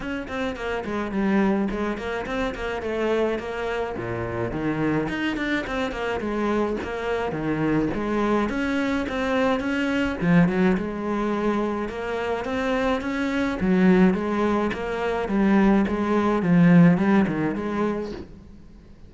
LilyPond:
\new Staff \with { instrumentName = "cello" } { \time 4/4 \tempo 4 = 106 cis'8 c'8 ais8 gis8 g4 gis8 ais8 | c'8 ais8 a4 ais4 ais,4 | dis4 dis'8 d'8 c'8 ais8 gis4 | ais4 dis4 gis4 cis'4 |
c'4 cis'4 f8 fis8 gis4~ | gis4 ais4 c'4 cis'4 | fis4 gis4 ais4 g4 | gis4 f4 g8 dis8 gis4 | }